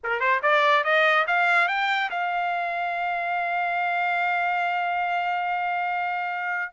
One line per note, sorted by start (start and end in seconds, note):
0.03 0.19 A#4
0.19 0.40 C5
0.42 0.84 D5
0.84 1.26 D#5
1.27 1.67 F5
1.67 2.09 G5
2.10 6.72 F5